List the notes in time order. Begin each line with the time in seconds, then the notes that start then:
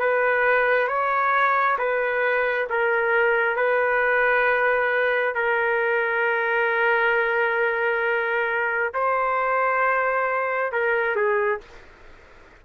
0.00 B4
0.88 C#5
1.78 B4
2.70 A#4
3.57 B4
5.35 A#4
8.94 C5
10.72 A#4
11.16 G#4